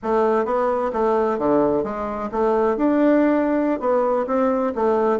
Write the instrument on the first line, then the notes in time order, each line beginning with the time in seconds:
bassoon
0.03 A3
0.45 B3
0.92 A3
1.38 D3
1.83 G#3
2.31 A3
2.76 D4
3.80 B3
4.26 C4
4.75 A3